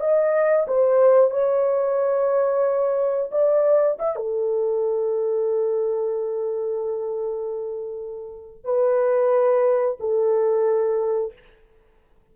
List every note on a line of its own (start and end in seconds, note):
0.00 0.67 D#5
0.67 1.31 C5
1.31 3.31 C#5
3.31 3.98 D5
3.99 4.16 E5
4.16 8.64 A4
8.64 9.98 B4
10.00 11.33 A4